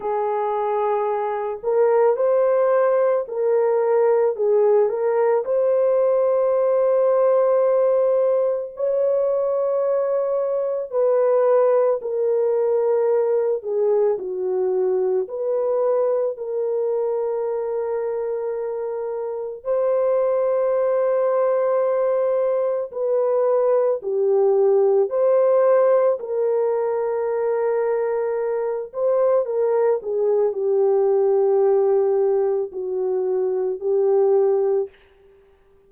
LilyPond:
\new Staff \with { instrumentName = "horn" } { \time 4/4 \tempo 4 = 55 gis'4. ais'8 c''4 ais'4 | gis'8 ais'8 c''2. | cis''2 b'4 ais'4~ | ais'8 gis'8 fis'4 b'4 ais'4~ |
ais'2 c''2~ | c''4 b'4 g'4 c''4 | ais'2~ ais'8 c''8 ais'8 gis'8 | g'2 fis'4 g'4 | }